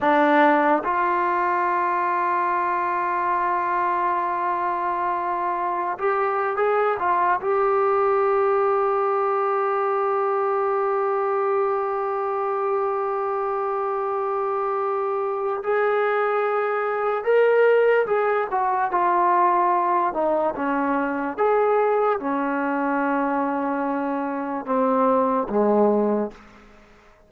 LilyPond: \new Staff \with { instrumentName = "trombone" } { \time 4/4 \tempo 4 = 73 d'4 f'2.~ | f'2.~ f'16 g'8. | gis'8 f'8 g'2.~ | g'1~ |
g'2. gis'4~ | gis'4 ais'4 gis'8 fis'8 f'4~ | f'8 dis'8 cis'4 gis'4 cis'4~ | cis'2 c'4 gis4 | }